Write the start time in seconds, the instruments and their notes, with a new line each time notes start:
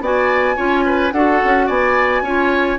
0.00 bassoon B3, clarinet F#4, oboe D5, flute G#5
0.56 bassoon C#4, clarinet F4, oboe C#5
0.85 oboe B4
1.12 bassoon D4, clarinet F#4, oboe A4, flute F#5
1.44 bassoon C#4
1.67 bassoon B3, oboe D5, flute G#5
2.21 bassoon C#4, clarinet F4, oboe C#5